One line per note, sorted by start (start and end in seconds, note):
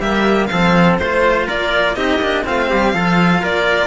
0.00 0.49 G3
0.00 0.50 A#3
0.00 0.50 G4
0.00 0.47 E5
0.47 0.99 F3
0.47 1.01 C4
0.47 1.00 A4
0.47 0.96 F5
0.98 1.48 A3
0.98 1.97 F4
0.98 1.47 C5
0.98 1.48 C5
1.48 1.97 A#3
1.48 1.96 A#4
1.48 1.96 D5
1.96 2.18 C4
1.96 2.21 D#4
1.96 2.46 G4
1.96 2.44 D#5
2.18 2.43 A#3
2.18 2.45 D4
2.45 2.72 A3
2.45 2.94 C4
2.45 2.70 F4
2.45 3.45 F5
2.70 2.94 G3
2.70 2.94 G4
2.94 3.43 F3
2.94 3.87 F4
2.94 3.42 A4
3.42 3.87 A#3
3.42 3.87 A#4
3.42 3.87 D5